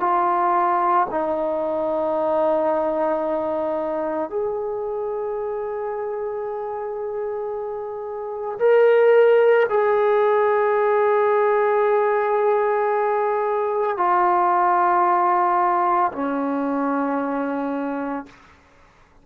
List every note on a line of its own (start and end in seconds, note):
0.00 1.07 F4
1.11 4.30 D#4
4.30 8.58 G#4
8.59 9.66 A#4
9.69 13.97 G#4
13.97 16.12 F4
16.12 18.26 C#4